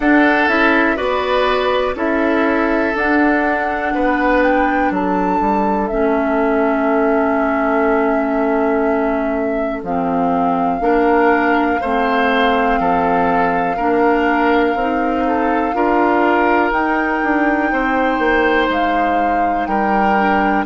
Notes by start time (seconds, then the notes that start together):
0.00 D4 A4 F#5
0.47 C#4 E4 E5
0.96 B3 F#4 B4 D5
1.94 C#4 E4 A4 E5
2.95 D4 F#5
3.94 B3 B4
4.42 G5
4.90 F#3 A4 A5
5.40 G3
5.87 A3 C#4 E5
9.82 F3 C4 F5
10.80 A#3 D4 A#4
11.81 A3 C4 C5
12.79 F3 A4
13.76 A#3 D4 A#4
14.74 C4 D#4
15.26 A4
15.73 D4 F4 A#4
16.71 D#4 G5
17.23 D4
17.72 C4 C5
18.18 A#3
18.68 G#3 F5
19.66 G3 A#4 G5
20.17 D4